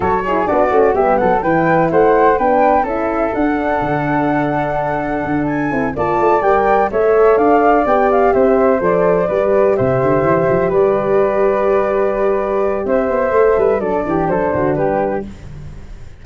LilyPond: <<
  \new Staff \with { instrumentName = "flute" } { \time 4/4 \tempo 4 = 126 cis''4 d''4 e''8 fis''8 g''4 | fis''4 g''4 e''4 fis''4~ | fis''2.~ fis''8 gis''8~ | gis''8 a''4 g''4 e''4 f''8~ |
f''8 g''8 f''8 e''4 d''4.~ | d''8 e''2 d''4.~ | d''2. e''4~ | e''4 d''4 c''4 b'4 | }
  \new Staff \with { instrumentName = "flute" } { \time 4/4 a'8 gis'8 fis'4 g'8 a'8 b'4 | c''4 b'4 a'2~ | a'1~ | a'8 d''2 cis''4 d''8~ |
d''4. c''2 b'8~ | b'8 c''2 b'4.~ | b'2. c''4~ | c''8 b'8 a'8 g'8 a'8 fis'8 g'4 | }
  \new Staff \with { instrumentName = "horn" } { \time 4/4 fis'8 e'8 d'8 cis'8 b4 e'4~ | e'4 d'4 e'4 d'4~ | d'1 | e'8 f'4 ais'4 a'4.~ |
a'8 g'2 a'4 g'8~ | g'1~ | g'1 | a'4 d'2. | }
  \new Staff \with { instrumentName = "tuba" } { \time 4/4 fis4 b8 a8 g8 fis8 e4 | a4 b4 cis'4 d'4 | d2. d'4 | c'8 ais8 a8 g4 a4 d'8~ |
d'8 b4 c'4 f4 g8~ | g8 c8 d8 e8 f8 g4.~ | g2. c'8 b8 | a8 g8 fis8 e8 fis8 d8 g4 | }
>>